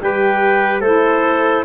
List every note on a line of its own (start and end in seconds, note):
0.00 0.81 G3
0.00 0.83 G4
0.00 0.81 B4
0.00 0.81 G5
0.81 1.64 A3
0.81 1.66 E4
0.81 1.65 A4
0.81 1.64 C5